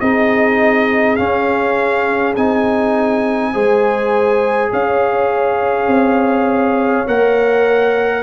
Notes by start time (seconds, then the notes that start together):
0.00 C4 D#4 G#4 D#5
1.16 C#4 F5
2.36 C4 D#4 G#5
3.53 G#3 G#4 C5
4.72 C#4 C#5 F5
5.87 C4
7.07 A#3 A#4 F#5